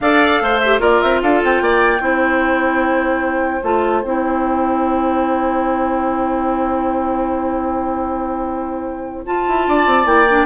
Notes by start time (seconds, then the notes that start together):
0.00 D4 A4 D5 F5
0.41 A3 C5
0.59 G4 E5
0.79 A#3 F4 A#4 D5
1.01 C4 E5
1.22 D4 A4 F5
1.43 C4 G5
1.61 A#3 D5
2.00 C4 E4 C5
3.62 A3 F4 A5
4.03 C4 E4 G5
9.25 F4 A5
9.47 E4
9.67 D4 D5
9.86 C4
10.05 A#3 E4 G5
10.30 D4